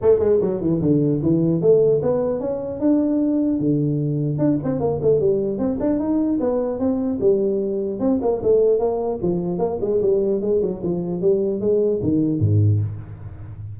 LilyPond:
\new Staff \with { instrumentName = "tuba" } { \time 4/4 \tempo 4 = 150 a8 gis8 fis8 e8 d4 e4 | a4 b4 cis'4 d'4~ | d'4 d2 d'8 c'8 | ais8 a8 g4 c'8 d'8 dis'4 |
b4 c'4 g2 | c'8 ais8 a4 ais4 f4 | ais8 gis8 g4 gis8 fis8 f4 | g4 gis4 dis4 gis,4 | }